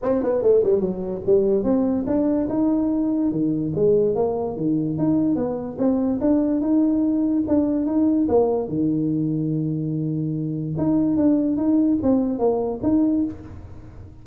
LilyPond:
\new Staff \with { instrumentName = "tuba" } { \time 4/4 \tempo 4 = 145 c'8 b8 a8 g8 fis4 g4 | c'4 d'4 dis'2 | dis4 gis4 ais4 dis4 | dis'4 b4 c'4 d'4 |
dis'2 d'4 dis'4 | ais4 dis2.~ | dis2 dis'4 d'4 | dis'4 c'4 ais4 dis'4 | }